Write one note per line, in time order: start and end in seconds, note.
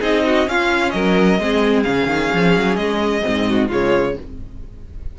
0.00 0.47 C4
0.00 0.46 D#4
0.00 0.23 G#4
0.00 0.49 D#5
0.26 0.49 F#4
0.46 1.38 C#4
0.46 0.94 C#4
0.46 0.94 F4
0.46 0.90 F5
0.90 1.39 F#3
0.90 1.40 A#4
0.90 1.83 D#5
1.39 1.85 G#3
1.39 1.85 C4
1.39 3.49 G#4
1.83 2.07 C#3
1.83 3.22 C#4
1.83 2.76 F5
2.07 2.30 D#3
2.34 2.57 F3
2.57 2.77 F#3
2.76 3.23 G#3
2.76 3.68 D#5
3.22 3.71 G#2
3.22 3.68 C4
3.49 3.68 F#4
3.68 4.17 C#3
3.68 4.16 G#3
3.68 4.14 F4
3.68 4.19 C#5